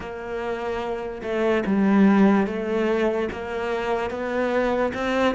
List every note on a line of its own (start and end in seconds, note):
0.00 1.22 A#3
1.22 1.63 A3
1.66 2.47 G3
2.47 3.29 A3
3.31 4.10 A#3
4.10 4.92 B3
4.94 5.34 C4